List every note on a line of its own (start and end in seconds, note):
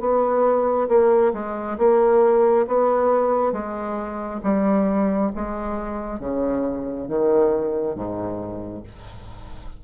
0.00 0.88 B3
0.88 1.32 A#3
1.34 1.78 G#3
1.78 2.66 A#3
2.67 3.52 B3
3.52 4.41 G#3
4.43 5.31 G3
5.35 6.20 G#3
6.20 7.08 C#3
7.08 7.95 D#3
7.95 8.84 G#2